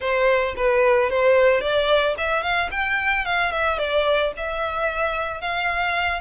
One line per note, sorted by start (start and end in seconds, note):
0.00 0.55 C5
0.56 1.10 B4
1.10 1.61 C5
1.61 2.15 D5
2.17 2.42 E5
2.42 2.69 F5
2.71 3.25 G5
3.25 3.51 F5
3.51 3.78 E5
3.78 4.32 D5
4.36 5.41 E5
5.41 6.20 F5